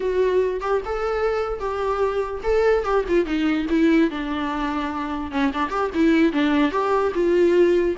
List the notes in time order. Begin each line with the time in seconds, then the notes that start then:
0.00 F#4
0.60 G4
0.85 A4
1.59 G4
2.43 A4
2.84 G4
3.08 F4
3.25 D#4
3.69 E4
4.10 D4
5.31 C#4
5.53 D4
5.70 G4
5.94 E4
6.32 D4
6.71 G4
7.14 F4